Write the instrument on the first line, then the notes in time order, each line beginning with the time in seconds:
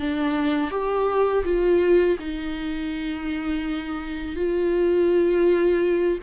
viola
0.00 D4
0.71 G4
1.45 F4
2.20 D#4
4.36 F4